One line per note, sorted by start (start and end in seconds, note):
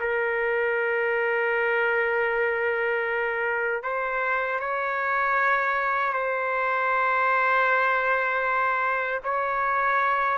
0.00 3.83 A#4
3.83 4.59 C5
4.59 6.12 C#5
6.12 9.20 C5
9.23 10.37 C#5